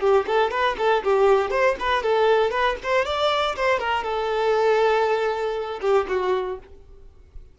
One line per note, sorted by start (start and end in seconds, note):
0.00 0.25 G4
0.27 0.51 A4
0.51 0.76 B4
0.77 1.03 A4
1.03 1.50 G4
1.50 1.75 C5
1.79 2.03 B4
2.03 2.50 A4
2.50 2.76 B4
2.83 3.05 C5
3.05 3.55 D5
3.56 3.79 C5
3.79 4.03 A#4
4.03 5.80 A4
5.81 6.06 G4
6.08 6.59 F#4